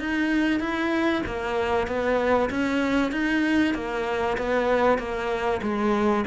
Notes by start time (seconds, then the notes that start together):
0.00 D#4
0.61 E4
1.26 A#3
1.88 B3
2.50 C#4
3.12 D#4
3.75 A#3
4.38 B3
4.99 A#3
5.62 G#3